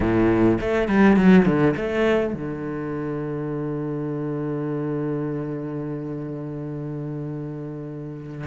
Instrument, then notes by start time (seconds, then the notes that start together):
cello
0.00 A2
0.60 A3
0.88 G3
1.16 F#3
1.45 D3
1.76 A3
2.34 D3